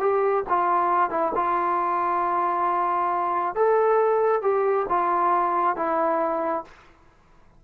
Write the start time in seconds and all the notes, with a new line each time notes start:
0.00 G4
0.50 F4
1.10 E4
1.36 F4
3.55 A4
4.42 G4
4.89 F4
5.77 E4